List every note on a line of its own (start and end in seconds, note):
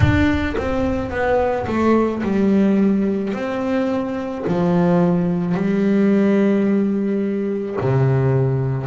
0.00 0.56 D4
0.57 1.10 C4
1.10 1.66 B3
1.66 2.22 A3
2.22 3.33 G3
3.33 4.44 C4
4.47 5.54 F3
5.54 7.76 G3
7.80 8.86 C3